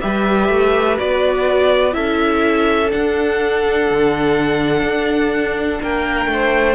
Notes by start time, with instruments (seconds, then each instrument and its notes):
0.00 cello G3, viola G4, violin B4 E5
0.48 cello A3
0.98 cello B3, viola F#4, violin D5
1.92 cello C#4, viola E4, violin A4 E5
2.88 viola D4, violin F#5
2.95 cello D4
3.90 cello D3
4.83 cello D4
5.82 cello A#3, violin A#4 G5
6.26 cello A3
6.32 violin C5